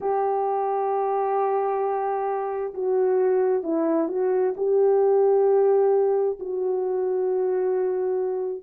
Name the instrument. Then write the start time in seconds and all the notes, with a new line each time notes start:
horn
0.00 G4
2.74 F#4
3.63 E4
4.08 F#4
4.57 G4
6.39 F#4